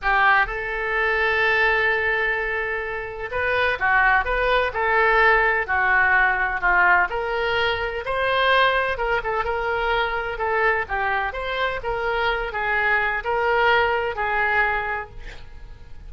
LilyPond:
\new Staff \with { instrumentName = "oboe" } { \time 4/4 \tempo 4 = 127 g'4 a'2.~ | a'2. b'4 | fis'4 b'4 a'2 | fis'2 f'4 ais'4~ |
ais'4 c''2 ais'8 a'8 | ais'2 a'4 g'4 | c''4 ais'4. gis'4. | ais'2 gis'2 | }